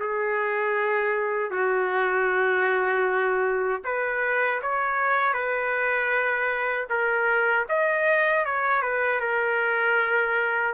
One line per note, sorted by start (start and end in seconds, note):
0.00 1.51 G#4
1.51 3.82 F#4
3.85 4.62 B4
4.62 5.34 C#5
5.34 6.87 B4
6.90 7.66 A#4
7.69 8.45 D#5
8.45 8.82 C#5
8.82 9.20 B4
9.20 10.74 A#4